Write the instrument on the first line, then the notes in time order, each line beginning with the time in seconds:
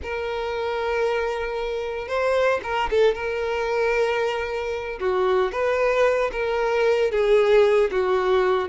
violin
0.02 A#4
2.07 C5
2.63 A#4
2.90 A4
3.14 A#4
5.00 F#4
5.52 B4
6.32 A#4
7.11 G#4
7.91 F#4